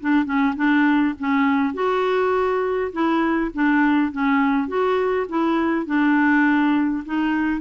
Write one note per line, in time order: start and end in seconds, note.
0.00 0.25 D4
0.25 0.54 C#4
0.56 1.14 D4
1.19 1.74 C#4
1.74 2.91 F#4
2.92 3.51 E4
3.53 4.12 D4
4.12 4.68 C#4
4.68 5.26 F#4
5.29 5.86 E4
5.86 7.03 D4
7.05 7.61 D#4